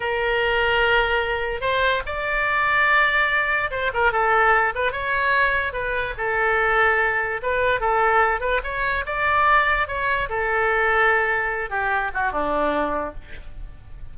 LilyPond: \new Staff \with { instrumentName = "oboe" } { \time 4/4 \tempo 4 = 146 ais'1 | c''4 d''2.~ | d''4 c''8 ais'8 a'4. b'8 | cis''2 b'4 a'4~ |
a'2 b'4 a'4~ | a'8 b'8 cis''4 d''2 | cis''4 a'2.~ | a'8 g'4 fis'8 d'2 | }